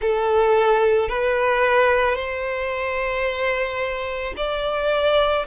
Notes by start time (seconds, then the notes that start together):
0.01 A4
1.09 B4
2.15 C5
4.36 D5